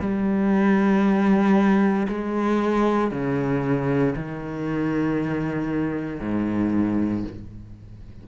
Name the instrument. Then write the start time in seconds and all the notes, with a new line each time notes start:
cello
0.00 G3
2.08 G#3
3.11 C#3
4.15 D#3
6.20 G#2